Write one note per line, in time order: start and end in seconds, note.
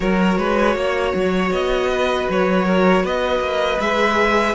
0.00 0.37 F#3
0.00 3.78 F#4
0.00 0.37 A#4
0.00 1.52 C#5
0.37 0.75 G#3
0.37 0.75 B4
0.75 1.13 A#3
0.75 1.90 C#5
1.14 1.51 F#3
1.51 2.27 B3
1.51 2.28 D#5
1.90 2.65 B4
2.29 3.03 F#3
2.29 3.06 C#5
2.65 3.03 A#4
3.03 3.39 B3
3.03 4.54 B4
3.03 3.80 D#5
3.39 3.77 A#3
3.79 4.54 G#3
3.79 4.54 G#4
3.79 4.54 E5